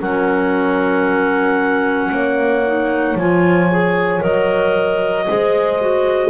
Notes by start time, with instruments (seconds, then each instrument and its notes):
0.00 double bass F#3, clarinet C#4 F#5, horn A#4
2.12 double bass A#3, horn C#5
2.66 clarinet D#4
3.15 double bass F3, clarinet F4 G#5
3.71 clarinet G#4
4.20 double bass F#3, clarinet A#4 D#5
5.28 double bass G#3, clarinet G#4, horn C5
5.81 clarinet F#4